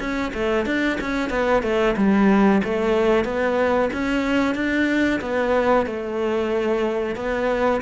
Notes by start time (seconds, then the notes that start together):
0.00 C#4
0.34 A3
0.66 D4
1.01 C#4
1.30 B3
1.63 A3
1.97 G3
2.64 A3
3.25 B3
3.93 C#4
4.55 D4
5.21 B3
5.86 A3
7.16 B3